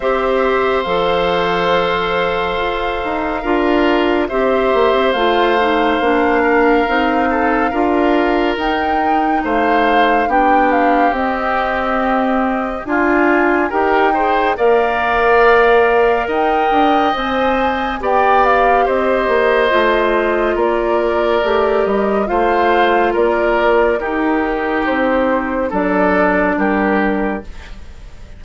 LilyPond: <<
  \new Staff \with { instrumentName = "flute" } { \time 4/4 \tempo 4 = 70 e''4 f''2.~ | f''4 e''4 f''2~ | f''2 g''4 f''4 | g''8 f''8 dis''2 gis''4 |
g''4 f''2 g''4 | gis''4 g''8 f''8 dis''2 | d''4. dis''8 f''4 d''4 | ais'4 c''4 d''4 ais'4 | }
  \new Staff \with { instrumentName = "oboe" } { \time 4/4 c''1 | ais'4 c''2~ c''8 ais'8~ | ais'8 a'8 ais'2 c''4 | g'2. f'4 |
ais'8 c''8 d''2 dis''4~ | dis''4 d''4 c''2 | ais'2 c''4 ais'4 | g'2 a'4 g'4 | }
  \new Staff \with { instrumentName = "clarinet" } { \time 4/4 g'4 a'2. | f'4 g'4 f'8 dis'8 d'4 | dis'4 f'4 dis'2 | d'4 c'2 f'4 |
g'8 gis'8 ais'2. | c''4 g'2 f'4~ | f'4 g'4 f'2 | dis'2 d'2 | }
  \new Staff \with { instrumentName = "bassoon" } { \time 4/4 c'4 f2 f'8 dis'8 | d'4 c'8 ais16 c'16 a4 ais4 | c'4 d'4 dis'4 a4 | b4 c'2 d'4 |
dis'4 ais2 dis'8 d'8 | c'4 b4 c'8 ais8 a4 | ais4 a8 g8 a4 ais4 | dis'4 c'4 fis4 g4 | }
>>